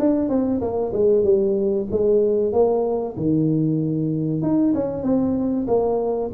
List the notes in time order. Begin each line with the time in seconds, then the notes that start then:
0.00 D4
0.29 C4
0.61 A#3
0.94 G#3
1.24 G3
1.91 G#3
2.53 A#3
3.17 D#3
4.42 D#4
4.75 C#4
5.04 C4
5.68 A#3